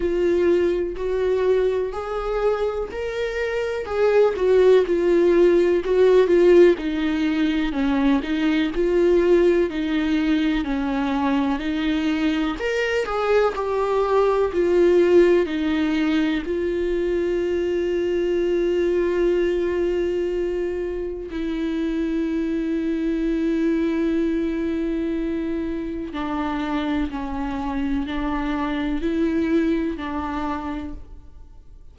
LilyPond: \new Staff \with { instrumentName = "viola" } { \time 4/4 \tempo 4 = 62 f'4 fis'4 gis'4 ais'4 | gis'8 fis'8 f'4 fis'8 f'8 dis'4 | cis'8 dis'8 f'4 dis'4 cis'4 | dis'4 ais'8 gis'8 g'4 f'4 |
dis'4 f'2.~ | f'2 e'2~ | e'2. d'4 | cis'4 d'4 e'4 d'4 | }